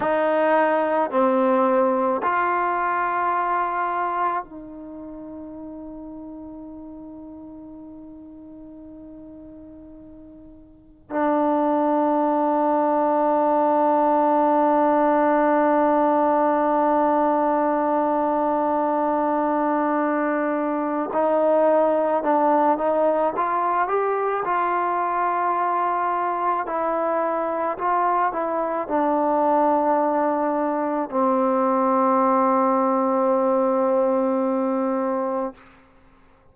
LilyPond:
\new Staff \with { instrumentName = "trombone" } { \time 4/4 \tempo 4 = 54 dis'4 c'4 f'2 | dis'1~ | dis'2 d'2~ | d'1~ |
d'2. dis'4 | d'8 dis'8 f'8 g'8 f'2 | e'4 f'8 e'8 d'2 | c'1 | }